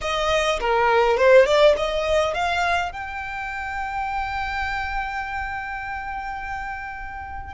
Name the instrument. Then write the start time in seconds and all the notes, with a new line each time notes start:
violin
0.01 D#5
0.60 A#4
1.17 C5
1.45 D5
1.76 D#5
2.34 F5
2.92 G5